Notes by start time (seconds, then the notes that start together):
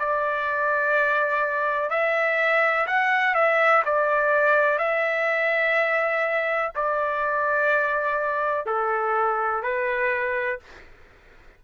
0.00 D5
1.90 E5
2.87 F#5
3.35 E5
3.85 D5
4.79 E5
6.75 D5
8.66 A4
9.63 B4